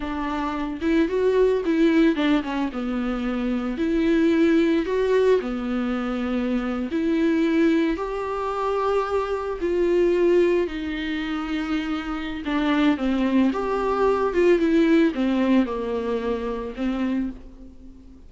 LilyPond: \new Staff \with { instrumentName = "viola" } { \time 4/4 \tempo 4 = 111 d'4. e'8 fis'4 e'4 | d'8 cis'8 b2 e'4~ | e'4 fis'4 b2~ | b8. e'2 g'4~ g'16~ |
g'4.~ g'16 f'2 dis'16~ | dis'2. d'4 | c'4 g'4. f'8 e'4 | c'4 ais2 c'4 | }